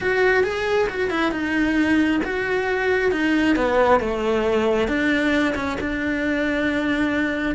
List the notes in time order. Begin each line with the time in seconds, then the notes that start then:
0.00 F#4
0.43 G#4
0.89 F#4
1.09 E4
1.31 D#4
2.23 F#4
3.11 D#4
3.56 B3
3.99 A3
4.87 D4
5.55 C#4
5.80 D4